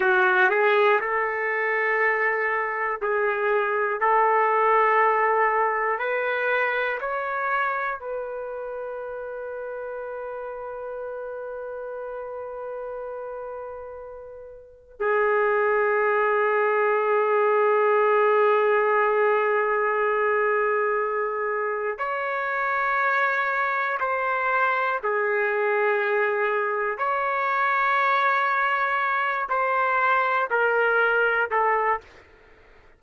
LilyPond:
\new Staff \with { instrumentName = "trumpet" } { \time 4/4 \tempo 4 = 60 fis'8 gis'8 a'2 gis'4 | a'2 b'4 cis''4 | b'1~ | b'2. gis'4~ |
gis'1~ | gis'2 cis''2 | c''4 gis'2 cis''4~ | cis''4. c''4 ais'4 a'8 | }